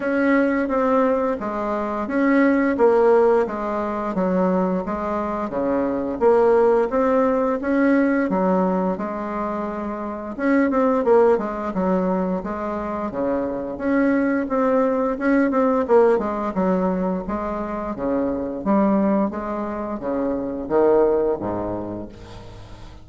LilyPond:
\new Staff \with { instrumentName = "bassoon" } { \time 4/4 \tempo 4 = 87 cis'4 c'4 gis4 cis'4 | ais4 gis4 fis4 gis4 | cis4 ais4 c'4 cis'4 | fis4 gis2 cis'8 c'8 |
ais8 gis8 fis4 gis4 cis4 | cis'4 c'4 cis'8 c'8 ais8 gis8 | fis4 gis4 cis4 g4 | gis4 cis4 dis4 gis,4 | }